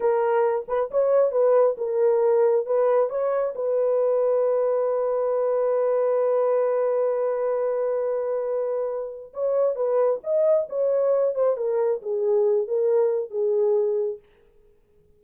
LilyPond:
\new Staff \with { instrumentName = "horn" } { \time 4/4 \tempo 4 = 135 ais'4. b'8 cis''4 b'4 | ais'2 b'4 cis''4 | b'1~ | b'1~ |
b'1~ | b'4 cis''4 b'4 dis''4 | cis''4. c''8 ais'4 gis'4~ | gis'8 ais'4. gis'2 | }